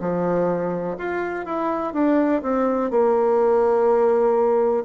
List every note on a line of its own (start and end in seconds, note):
0.00 0.97 F3
0.98 1.45 F4
1.45 1.93 E4
1.93 2.41 D4
2.42 2.90 C4
2.90 4.84 A#3